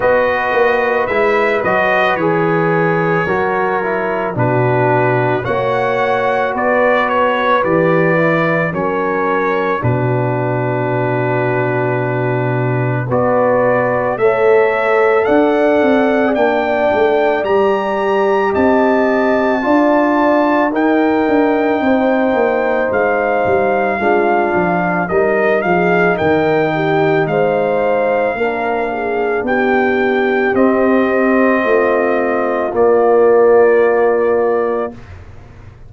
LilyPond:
<<
  \new Staff \with { instrumentName = "trumpet" } { \time 4/4 \tempo 4 = 55 dis''4 e''8 dis''8 cis''2 | b'4 fis''4 d''8 cis''8 d''4 | cis''4 b'2. | d''4 e''4 fis''4 g''4 |
ais''4 a''2 g''4~ | g''4 f''2 dis''8 f''8 | g''4 f''2 g''4 | dis''2 d''2 | }
  \new Staff \with { instrumentName = "horn" } { \time 4/4 b'2. ais'4 | fis'4 cis''4 b'2 | ais'4 fis'2. | b'4 cis''4 d''2~ |
d''4 dis''4 d''4 ais'4 | c''2 f'4 ais'8 gis'8 | ais'8 g'8 c''4 ais'8 gis'8 g'4~ | g'4 f'2. | }
  \new Staff \with { instrumentName = "trombone" } { \time 4/4 fis'4 e'8 fis'8 gis'4 fis'8 e'8 | d'4 fis'2 g'8 e'8 | cis'4 d'2. | fis'4 a'2 d'4 |
g'2 f'4 dis'4~ | dis'2 d'4 dis'4~ | dis'2 d'2 | c'2 ais2 | }
  \new Staff \with { instrumentName = "tuba" } { \time 4/4 b8 ais8 gis8 fis8 e4 fis4 | b,4 ais4 b4 e4 | fis4 b,2. | b4 a4 d'8 c'8 ais8 a8 |
g4 c'4 d'4 dis'8 d'8 | c'8 ais8 gis8 g8 gis8 f8 g8 f8 | dis4 gis4 ais4 b4 | c'4 a4 ais2 | }
>>